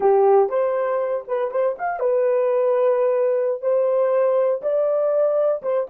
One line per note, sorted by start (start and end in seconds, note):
0.00 0.49 G4
0.49 1.24 C5
1.27 1.51 B4
1.51 1.76 C5
1.78 1.99 F5
1.99 3.61 B4
3.61 4.61 C5
4.62 5.62 D5
5.62 5.87 C5